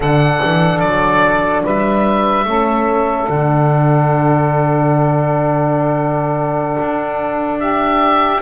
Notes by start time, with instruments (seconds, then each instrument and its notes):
0.00 double bass D3, horn D4, saxophone A4, oboe F#5
0.43 double bass E3
0.79 double bass F#3, oboe D5
1.63 double bass G3, saxophone B4, oboe E5
2.45 double bass A3, horn C#4, saxophone A4
3.28 double bass D3, horn D4, oboe F#5
6.80 double bass D4
7.60 saxophone G4, oboe E5